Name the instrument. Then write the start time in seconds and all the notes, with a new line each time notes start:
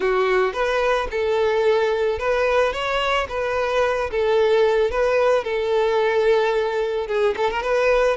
violin
0.00 F#4
0.53 B4
1.11 A4
2.18 B4
2.72 C#5
3.28 B4
4.10 A4
4.90 B4
5.44 A4
7.07 G#4
7.36 A4
7.50 A#4
7.62 B4